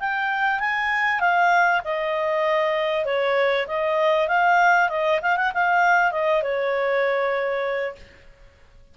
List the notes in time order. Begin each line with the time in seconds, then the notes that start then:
0.00 G5
0.60 G#5
1.20 F5
1.85 D#5
3.06 C#5
3.67 D#5
4.29 F5
4.90 D#5
5.22 F5
5.37 F#5
5.54 F5
6.12 D#5
6.43 C#5